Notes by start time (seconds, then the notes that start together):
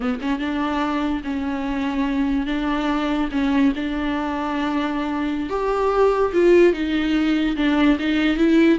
0.00 B3
0.21 C#4
0.39 D4
1.23 C#4
2.46 D4
3.31 C#4
3.75 D4
5.49 G4
6.33 F4
6.73 D#4
7.56 D4
7.99 D#4
8.37 E4